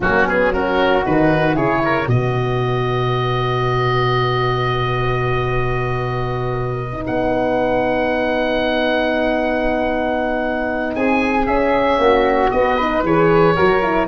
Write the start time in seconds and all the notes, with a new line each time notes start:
0.00 F#3 A#3 C#4 F#4
0.27 B3 G#4
0.52 C#4 F#4 A#4
1.03 D#3 D#4 B4
1.53 C#3 E4 G#4 C#5
1.84 A#4
2.05 B2 F#4 B4 D#5
6.92 D#4
7.06 B3 F#5
10.95 C4 G#4 G#5
11.46 C#4 E5
11.98 A#3 F#4
12.50 B3 D#5
12.76 D#4 B4
13.02 E3 G#4 C#5
13.55 F#3 F#4 A#4
13.82 E4